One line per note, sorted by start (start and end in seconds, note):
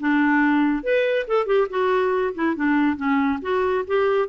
0.00 0.84 D4
0.84 1.27 B4
1.28 1.46 A4
1.46 1.68 G4
1.70 2.35 F#4
2.35 2.56 E4
2.56 2.97 D4
2.97 3.40 C#4
3.42 3.85 F#4
3.87 4.29 G4